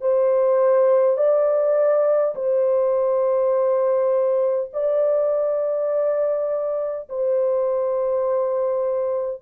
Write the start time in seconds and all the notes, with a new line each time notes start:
0.00 C5
1.17 D5
2.35 C5
4.73 D5
7.09 C5